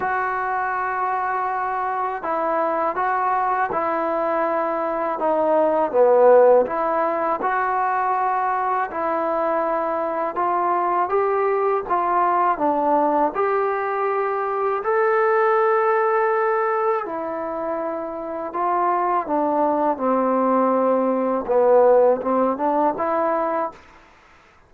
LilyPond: \new Staff \with { instrumentName = "trombone" } { \time 4/4 \tempo 4 = 81 fis'2. e'4 | fis'4 e'2 dis'4 | b4 e'4 fis'2 | e'2 f'4 g'4 |
f'4 d'4 g'2 | a'2. e'4~ | e'4 f'4 d'4 c'4~ | c'4 b4 c'8 d'8 e'4 | }